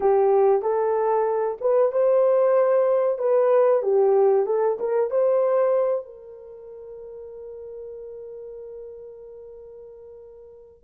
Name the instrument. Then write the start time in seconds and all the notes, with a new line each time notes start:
horn
0.00 G4
0.62 A4
1.60 B4
1.91 C5
3.18 B4
3.82 G4
4.46 A4
4.79 A#4
5.10 C5
6.05 A#4